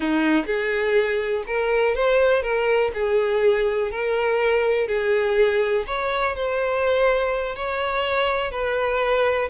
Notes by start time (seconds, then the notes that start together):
0.00 D#4
0.46 G#4
1.46 A#4
1.95 C5
2.42 A#4
2.94 G#4
3.91 A#4
4.87 G#4
5.86 C#5
6.35 C5
7.55 C#5
8.51 B4